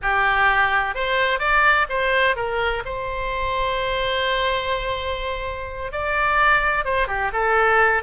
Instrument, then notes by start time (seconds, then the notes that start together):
oboe
0.02 G4
0.94 C5
1.39 D5
1.89 C5
2.35 A#4
2.85 C5
5.92 D5
6.85 C5
7.07 G4
7.32 A4